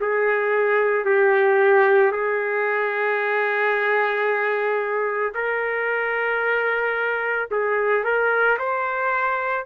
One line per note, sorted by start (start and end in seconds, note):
0.00 1.05 G#4
1.05 2.11 G4
2.11 5.33 G#4
5.34 7.49 A#4
7.51 8.04 G#4
8.04 8.58 A#4
8.59 9.66 C5